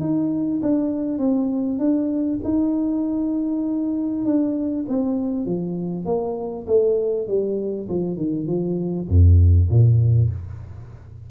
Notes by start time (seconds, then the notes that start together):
0.00 D#4
0.62 D4
1.18 C4
1.79 D4
2.44 D#4
4.25 D4
4.88 C4
5.45 F3
6.05 A#3
6.67 A3
7.28 G3
7.89 F3
8.17 D#3
8.47 F3
9.09 F2
9.69 A#2